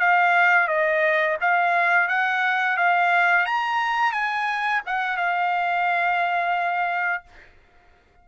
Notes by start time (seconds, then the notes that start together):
0.00 F5
0.68 D#5
1.41 F5
2.08 F#5
2.77 F5
3.46 A#5
4.13 G#5
4.87 F#5
5.17 F5